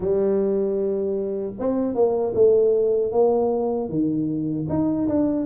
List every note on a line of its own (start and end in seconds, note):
0.00 1.53 G3
1.59 1.94 C4
1.94 2.33 A#3
2.34 3.12 A3
3.12 3.89 A#3
3.89 4.67 D#3
4.69 5.08 D#4
5.08 5.45 D4